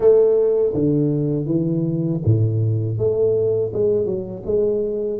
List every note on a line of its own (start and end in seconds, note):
0.00 0.73 A3
0.73 1.45 D3
1.45 2.20 E3
2.25 2.98 A2
2.98 3.72 A3
3.73 4.05 G#3
4.05 4.42 F#3
4.45 5.19 G#3